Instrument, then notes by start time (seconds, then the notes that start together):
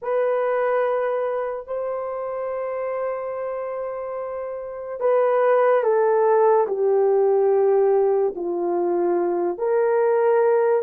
horn
0.02 B4
1.66 C5
5.00 B4
5.83 A4
6.67 G4
8.35 F4
9.58 A#4